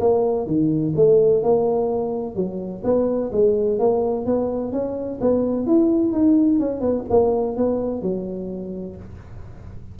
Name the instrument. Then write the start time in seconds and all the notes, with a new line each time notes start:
tuba
0.00 A#3
0.46 D#3
0.95 A3
1.43 A#3
2.35 F#3
2.83 B3
3.32 G#3
3.79 A#3
4.25 B3
4.72 C#4
5.21 B3
5.66 E4
6.12 D#4
6.59 C#4
6.81 B3
7.10 A#3
7.56 B3
8.01 F#3